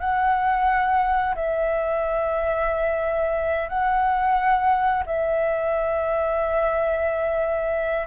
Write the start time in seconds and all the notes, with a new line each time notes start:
0.00 F#5
1.35 E5
3.69 F#5
5.06 E5